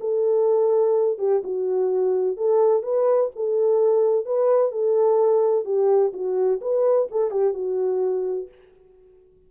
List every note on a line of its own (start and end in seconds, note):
0.00 1.18 A4
1.18 1.42 G4
1.43 2.37 F#4
2.37 2.83 A4
2.83 3.30 B4
3.35 4.25 A4
4.25 4.71 B4
4.71 5.65 A4
5.65 6.12 G4
6.13 6.60 F#4
6.61 7.08 B4
7.11 7.31 A4
7.31 7.54 G4
7.54 8.48 F#4